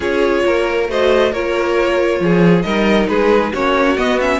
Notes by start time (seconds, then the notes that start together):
0.00 C#4 F4 G#4 C#5
0.44 A#3 A#4
0.89 A3 F#4 C5 D#5
1.32 A#3 F4 A#4 C#5
2.19 F3 G#4
2.62 G3 D#4 A#4 D#5
3.08 G#3 G#4 B4
3.53 A#3 C#4 F#4 C#5
3.97 B3 D#5
4.20 C#4 E5